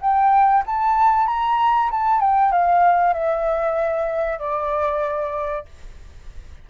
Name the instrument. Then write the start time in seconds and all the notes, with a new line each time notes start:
flute
0.00 G5
0.66 A5
1.27 A#5
1.91 A5
2.20 G5
2.51 F5
3.13 E5
4.39 D5